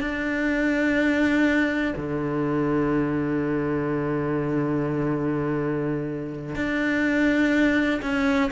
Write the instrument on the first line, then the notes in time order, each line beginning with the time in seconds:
cello
0.00 D4
1.96 D3
6.55 D4
8.02 C#4